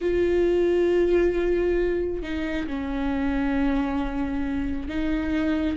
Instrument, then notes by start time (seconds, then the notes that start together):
viola
0.01 F4
2.22 D#4
2.67 C#4
4.88 D#4